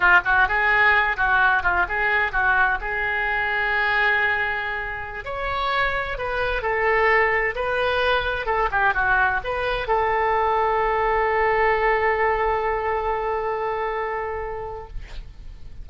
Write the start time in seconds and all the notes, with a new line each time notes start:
0.00 F4
0.25 F#4
0.48 G#4
1.16 F#4
1.62 F4
1.88 G#4
2.32 F#4
2.81 G#4
5.24 C#5
6.18 B4
6.62 A4
7.55 B4
8.46 A4
8.71 G4
8.93 F#4
9.43 B4
9.87 A4